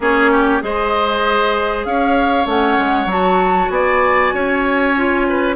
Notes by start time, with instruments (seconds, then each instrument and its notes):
0.00 bassoon A#3, clarinet C#4, oboe G#4, flute C#5
0.31 oboe G4
0.60 bassoon G#3, clarinet G#4, oboe C5, flute D#5
1.85 bassoon C#4, oboe C#5, flute F5
2.46 bassoon A3, clarinet C#4, flute F#5
2.78 bassoon G#3
3.05 bassoon F#3, clarinet F#4, flute A5
3.69 bassoon B3, oboe D5, flute G#5
4.33 bassoon C#4, oboe C#5
4.96 clarinet F4
5.28 oboe B4